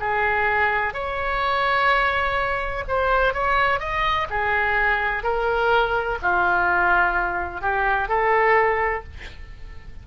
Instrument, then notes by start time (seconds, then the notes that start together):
oboe
0.00 G#4
0.94 C#5
2.88 C5
3.34 C#5
3.80 D#5
4.30 G#4
5.23 A#4
6.22 F4
7.61 G4
8.08 A4